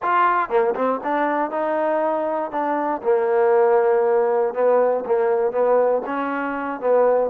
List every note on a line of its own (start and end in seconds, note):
0.02 0.49 F4
0.49 0.74 A#3
0.75 1.00 C4
1.03 1.50 D4
1.50 2.51 D#4
2.51 3.01 D4
3.03 4.54 A#3
4.54 5.04 B3
5.06 5.51 A#3
5.51 6.02 B3
6.05 6.80 C#4
6.80 7.30 B3